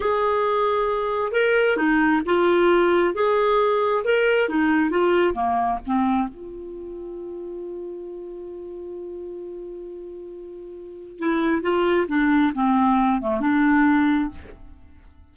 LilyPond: \new Staff \with { instrumentName = "clarinet" } { \time 4/4 \tempo 4 = 134 gis'2. ais'4 | dis'4 f'2 gis'4~ | gis'4 ais'4 dis'4 f'4 | ais4 c'4 f'2~ |
f'1~ | f'1~ | f'4 e'4 f'4 d'4 | c'4. a8 d'2 | }